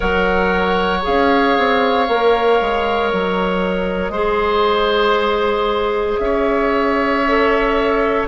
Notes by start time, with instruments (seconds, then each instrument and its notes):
0.00 bassoon F#3, clarinet A#4, oboe C#5, flute F#5
1.02 bassoon C#4, clarinet G#4, flute F5
1.58 bassoon C4
2.08 bassoon A#3, clarinet A#4
2.61 bassoon G#3
3.11 bassoon F#3, flute D#5
4.09 bassoon G#3, clarinet G#4, oboe C5
6.19 bassoon C#4, oboe C#5, flute E5
7.27 clarinet A4